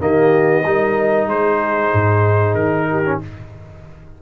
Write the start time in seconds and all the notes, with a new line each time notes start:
0.00 D#3 A#3 G4 D#5
0.64 G3 D#4 A#4
1.27 G#3 G#4 C5
1.93 G#2
2.54 D#3 A#4
2.90 G4
3.05 C#4